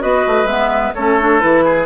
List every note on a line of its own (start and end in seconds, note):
0.00 0.26 B3
0.00 0.47 F#4
0.00 0.95 B4
0.00 0.47 D#5
0.27 0.44 A3
0.44 0.91 G#3
0.44 0.94 B3
0.44 0.93 E5
0.95 1.43 A3
0.95 1.20 C#4
0.95 1.65 A4
0.95 1.40 C#5
1.20 1.41 D4
1.40 1.87 E3
1.40 1.87 E4
1.40 1.87 B4
1.65 1.87 G#4